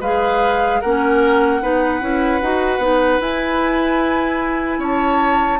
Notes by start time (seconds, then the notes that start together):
0.00 G#3 G#4 B4 F5
0.81 A#3 C#4 A#4 F#5
1.61 B3 D#4 B4
2.01 C#4 E4
2.42 D#4 F#4
2.78 B3 D#4
3.20 E4 G#5
4.78 C#4 C#5 A5